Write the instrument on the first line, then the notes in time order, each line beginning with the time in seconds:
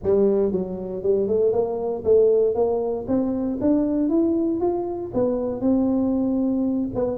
tuba
0.03 G3
0.52 F#3
1.03 G3
1.27 A3
1.52 A#3
2.04 A3
2.54 A#3
3.07 C4
3.60 D4
4.09 E4
4.60 F4
5.14 B3
5.60 C4
6.94 B3